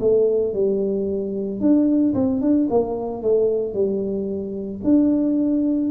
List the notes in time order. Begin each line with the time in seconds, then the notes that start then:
0.00 A3
0.54 G3
1.60 D4
2.14 C4
2.41 D4
2.70 A#3
3.22 A3
3.74 G3
4.84 D4